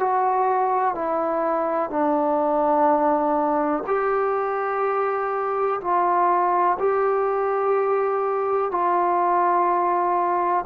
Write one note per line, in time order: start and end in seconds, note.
0.00 0.95 F#4
0.95 1.90 E4
1.90 3.84 D4
3.87 5.81 G4
5.81 6.77 F4
6.80 8.71 G4
8.71 10.65 F4